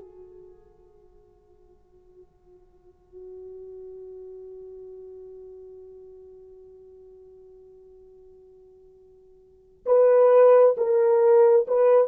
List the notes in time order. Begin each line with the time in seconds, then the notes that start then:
0.00 F#4
9.86 B4
10.77 A#4
11.68 B4